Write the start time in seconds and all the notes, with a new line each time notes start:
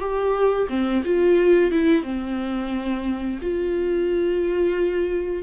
0.00 G4
0.70 C4
1.05 F4
1.72 E4
2.03 C4
3.42 F4